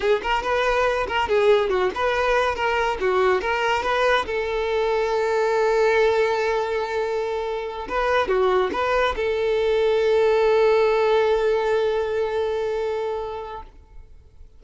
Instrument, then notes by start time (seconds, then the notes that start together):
violin
0.00 G#4
0.22 A#4
0.42 B4
1.07 A#4
1.28 G#4
1.69 F#4
1.94 B4
2.55 A#4
3.00 F#4
3.41 A#4
3.83 B4
4.26 A4
7.88 B4
8.27 F#4
8.72 B4
9.16 A4